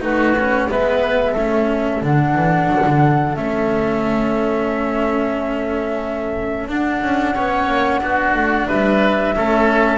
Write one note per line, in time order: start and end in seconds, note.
0.00 0.68 A3
0.00 0.33 D#4
0.00 0.70 F#4
0.00 0.69 B4
0.38 0.69 C#4
0.69 1.35 G#3
0.69 1.36 B3
0.69 1.32 B4
0.69 2.02 E5
1.32 2.01 A3
1.32 2.03 C#4
1.32 7.32 A4
2.02 2.34 D3
2.02 3.37 D4
2.02 3.35 F#5
2.34 2.68 E3
2.68 2.84 F#3
2.86 3.36 D3
3.35 6.67 A3
3.35 6.68 C#4
3.35 6.68 E5
6.67 7.00 D4
6.67 7.35 D4
6.67 8.67 F#5
7.02 7.35 C#4
7.34 7.68 B3
7.34 8.01 C#4
7.34 8.01 C#5
7.68 8.01 A#3
8.01 8.34 B3
8.01 9.34 D4
8.01 8.68 F#4
8.34 8.68 A3
8.67 9.37 G3
8.67 9.34 B4
8.67 9.97 E5
9.36 9.97 A3
9.36 9.97 C#4
9.36 9.97 A4